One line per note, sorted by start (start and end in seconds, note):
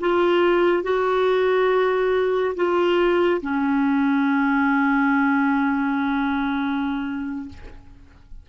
0.00 0.83 F4
0.83 2.54 F#4
2.55 3.41 F4
3.41 7.48 C#4